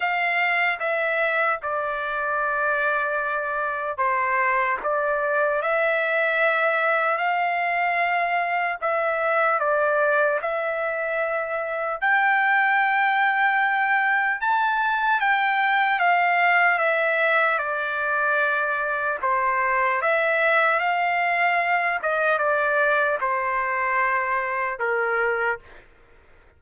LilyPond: \new Staff \with { instrumentName = "trumpet" } { \time 4/4 \tempo 4 = 75 f''4 e''4 d''2~ | d''4 c''4 d''4 e''4~ | e''4 f''2 e''4 | d''4 e''2 g''4~ |
g''2 a''4 g''4 | f''4 e''4 d''2 | c''4 e''4 f''4. dis''8 | d''4 c''2 ais'4 | }